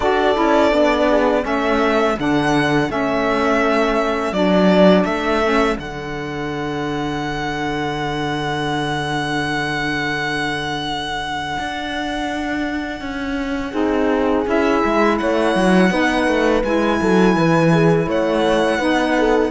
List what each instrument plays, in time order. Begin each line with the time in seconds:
0.00 cello D4, saxophone F#4, horn A4, violin D5
0.34 cello C#4, saxophone E4
0.70 cello B3, saxophone D4
1.10 horn G#4
1.42 cello A3, saxophone C#4, horn A4, violin E5
2.19 cello D3, saxophone D4, violin F#5
2.88 cello A3, saxophone C#4, violin E5
4.32 cello F#3, saxophone D4, violin D5
5.04 cello A3, violin E5
5.43 saxophone C#4
5.78 cello D3, saxophone D4, violin F#5
11.58 cello D4
13.00 cello C#4
13.71 cello C4, saxophone D#4, horn G#4
14.45 cello C#4, saxophone E4, violin E5
14.84 cello G#3
15.18 cello A3, horn C#5, violin F#5
15.55 cello F#3
15.89 cello B3, saxophone D#4, horn B4
16.27 cello A3
16.63 cello G#3, saxophone E4, violin G#5
17.00 cello F#3, horn A4
17.35 cello E3, horn B4
17.73 horn G#4
18.06 cello A3, horn C#5, violin F#5
18.78 cello B3, saxophone D#4, horn B4
19.18 horn A4